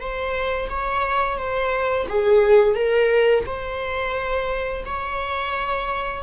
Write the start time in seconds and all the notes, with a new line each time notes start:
0.00 C5
0.69 C#5
1.38 C5
2.08 G#4
2.75 A#4
3.46 C5
4.86 C#5